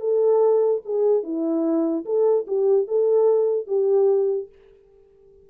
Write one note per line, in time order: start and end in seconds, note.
0.00 0.82 A4
0.85 1.23 G#4
1.23 2.05 E4
2.05 2.46 A4
2.47 2.88 G4
2.88 3.67 A4
3.67 4.49 G4